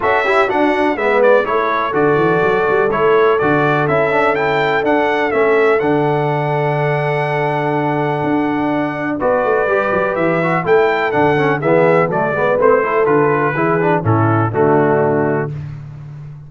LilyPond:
<<
  \new Staff \with { instrumentName = "trumpet" } { \time 4/4 \tempo 4 = 124 e''4 fis''4 e''8 d''8 cis''4 | d''2 cis''4 d''4 | e''4 g''4 fis''4 e''4 | fis''1~ |
fis''2. d''4~ | d''4 e''4 g''4 fis''4 | e''4 d''4 c''4 b'4~ | b'4 a'4 fis'2 | }
  \new Staff \with { instrumentName = "horn" } { \time 4/4 a'8 g'8 fis'4 b'4 a'4~ | a'1~ | a'1~ | a'1~ |
a'2. b'4~ | b'2 a'2 | gis'4 a'8 b'4 a'4. | gis'4 e'4 d'2 | }
  \new Staff \with { instrumentName = "trombone" } { \time 4/4 fis'8 e'8 d'4 b4 e'4 | fis'2 e'4 fis'4 | e'8 d'8 e'4 d'4 cis'4 | d'1~ |
d'2. fis'4 | g'4. fis'8 e'4 d'8 cis'8 | b4 a8 b8 c'8 e'8 f'4 | e'8 d'8 cis'4 a2 | }
  \new Staff \with { instrumentName = "tuba" } { \time 4/4 cis'4 d'4 gis4 a4 | d8 e8 fis8 g8 a4 d4 | cis'2 d'4 a4 | d1~ |
d4 d'2 b8 a8 | g8 fis8 e4 a4 d4 | e4 fis8 gis8 a4 d4 | e4 a,4 d2 | }
>>